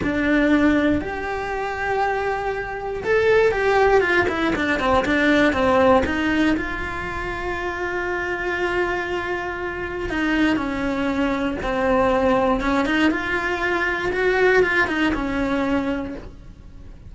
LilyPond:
\new Staff \with { instrumentName = "cello" } { \time 4/4 \tempo 4 = 119 d'2 g'2~ | g'2 a'4 g'4 | f'8 e'8 d'8 c'8 d'4 c'4 | dis'4 f'2.~ |
f'1 | dis'4 cis'2 c'4~ | c'4 cis'8 dis'8 f'2 | fis'4 f'8 dis'8 cis'2 | }